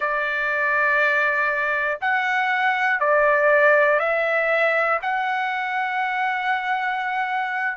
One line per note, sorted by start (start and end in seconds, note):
0.00 1.99 D5
2.00 3.00 F#5
3.00 4.00 D5
4.00 5.00 E5
5.02 7.77 F#5